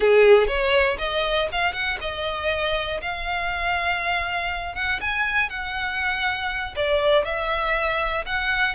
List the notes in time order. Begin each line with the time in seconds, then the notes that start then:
0.00 G#4
0.47 C#5
0.98 D#5
1.52 F5
1.72 F#5
2.00 D#5
3.01 F5
4.75 F#5
5.00 G#5
5.49 F#5
6.75 D5
7.25 E5
8.25 F#5